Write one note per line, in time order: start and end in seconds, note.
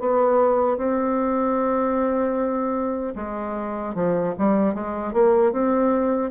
0.00 0.78 B3
0.78 3.14 C4
3.15 3.94 G#3
3.95 4.34 F3
4.38 4.74 G3
4.74 5.13 G#3
5.13 5.52 A#3
5.52 6.31 C4